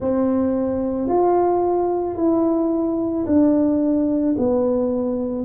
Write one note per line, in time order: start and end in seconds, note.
0.00 1.08 C4
1.08 2.16 F4
2.16 3.25 E4
3.26 4.35 D4
4.38 5.44 B3